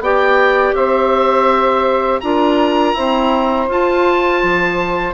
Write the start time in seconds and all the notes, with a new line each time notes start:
0.00 B3 G4 D5 G5
0.74 C4 C5 E5
2.20 D4 F4 A#4 A#5
2.94 C4 E4 C5
3.68 F4 A5
4.43 F3